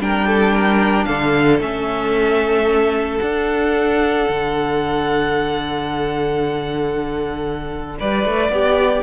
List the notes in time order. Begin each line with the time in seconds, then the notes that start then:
0.00 G3 D4 A#4 G5
0.28 A4
0.53 A#4
1.05 D3 A4 F5
1.60 A3 C#4 E5
3.18 D4 F#5
4.29 D3
7.99 G3 B4 D5
8.25 A3
8.50 B3 G4